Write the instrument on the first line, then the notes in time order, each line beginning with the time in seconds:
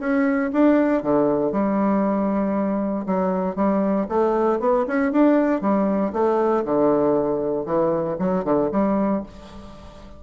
bassoon
0.00 C#4
0.53 D4
1.03 D3
1.52 G3
3.07 F#3
3.56 G3
4.09 A3
4.60 B3
4.88 C#4
5.12 D4
5.62 G3
6.14 A3
6.65 D3
7.66 E3
8.19 F#3
8.45 D3
8.72 G3